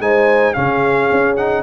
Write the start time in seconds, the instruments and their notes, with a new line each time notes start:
0.00 tuba G#3, trombone D#4, horn C5, trumpet G#5
0.54 tuba C#3, trombone C#4, horn G#4, trumpet F5
1.12 tuba C#4
1.37 trombone D#4, trumpet F#5